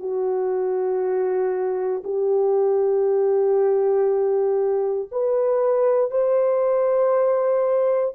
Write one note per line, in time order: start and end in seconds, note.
0.00 2.03 F#4
2.04 5.09 G4
5.12 6.12 B4
6.12 8.15 C5